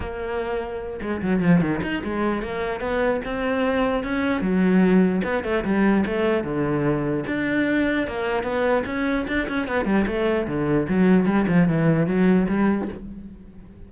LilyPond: \new Staff \with { instrumentName = "cello" } { \time 4/4 \tempo 4 = 149 ais2~ ais8 gis8 fis8 f8 | dis8 dis'8 gis4 ais4 b4 | c'2 cis'4 fis4~ | fis4 b8 a8 g4 a4 |
d2 d'2 | ais4 b4 cis'4 d'8 cis'8 | b8 g8 a4 d4 fis4 | g8 f8 e4 fis4 g4 | }